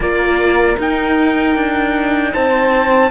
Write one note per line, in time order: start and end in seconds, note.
0.00 0.76 A#3
0.00 0.79 F4
0.00 2.32 A#4
0.00 0.79 D5
0.78 1.55 D#4
0.78 3.10 D#4
0.78 2.33 G5
1.55 2.33 D4
2.32 3.10 C4
2.32 3.10 C5
2.32 3.10 A5